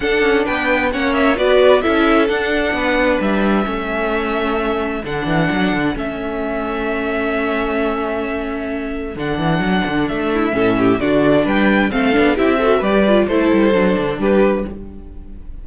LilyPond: <<
  \new Staff \with { instrumentName = "violin" } { \time 4/4 \tempo 4 = 131 fis''4 g''4 fis''8 e''8 d''4 | e''4 fis''2 e''4~ | e''2. fis''4~ | fis''4 e''2.~ |
e''1 | fis''2 e''2 | d''4 g''4 f''4 e''4 | d''4 c''2 b'4 | }
  \new Staff \with { instrumentName = "violin" } { \time 4/4 a'4 b'4 cis''4 b'4 | a'2 b'2 | a'1~ | a'1~ |
a'1~ | a'2~ a'8 e'8 a'8 g'8 | fis'4 b'4 a'4 g'8 a'8 | b'4 a'2 g'4 | }
  \new Staff \with { instrumentName = "viola" } { \time 4/4 d'2 cis'4 fis'4 | e'4 d'2. | cis'2. d'4~ | d'4 cis'2.~ |
cis'1 | d'2. cis'4 | d'2 c'8 d'8 e'8 fis'8 | g'8 f'8 e'4 d'2 | }
  \new Staff \with { instrumentName = "cello" } { \time 4/4 d'8 cis'8 b4 ais4 b4 | cis'4 d'4 b4 g4 | a2. d8 e8 | fis8 d8 a2.~ |
a1 | d8 e8 fis8 d8 a4 a,4 | d4 g4 a8 b8 c'4 | g4 a8 g8 fis8 d8 g4 | }
>>